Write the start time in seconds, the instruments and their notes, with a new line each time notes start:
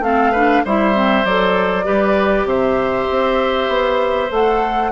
0.00 bassoon A3, clarinet C4, oboe A4, flute F5
0.32 clarinet D4, oboe B4
0.65 bassoon G3, clarinet E4, oboe C5, flute E5
0.94 clarinet C4
1.25 bassoon F#3, clarinet A4, flute D5
1.84 bassoon G3, clarinet G4, oboe B4
2.45 bassoon C3, oboe C5, flute E5
3.10 bassoon C4
3.69 bassoon B3
4.30 bassoon A3, clarinet A4, flute F#5